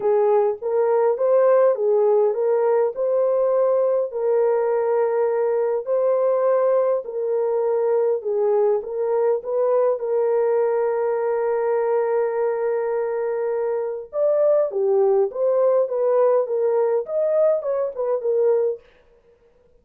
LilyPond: \new Staff \with { instrumentName = "horn" } { \time 4/4 \tempo 4 = 102 gis'4 ais'4 c''4 gis'4 | ais'4 c''2 ais'4~ | ais'2 c''2 | ais'2 gis'4 ais'4 |
b'4 ais'2.~ | ais'1 | d''4 g'4 c''4 b'4 | ais'4 dis''4 cis''8 b'8 ais'4 | }